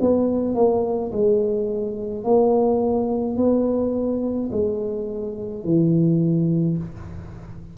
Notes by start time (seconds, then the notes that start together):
0.00 B3
0.55 A#3
1.12 G#3
2.24 A#3
3.37 B3
4.52 G#3
5.64 E3